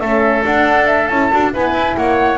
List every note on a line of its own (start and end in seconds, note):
0.00 0.44 A3
0.00 0.43 C#4
0.00 1.53 A4
0.00 0.43 E5
0.43 1.09 D4
0.43 1.10 D4
0.43 0.86 F#5
0.86 1.08 E5
1.08 1.31 C#4
1.08 1.32 E4
1.08 1.51 A5
1.32 1.55 D4
1.32 1.52 F#4
1.52 1.74 B3
1.52 2.38 E4
1.52 1.97 B4
1.52 1.97 G#5
1.74 1.96 E4
1.97 2.38 A#3
1.97 2.38 C#5
1.97 2.38 F#5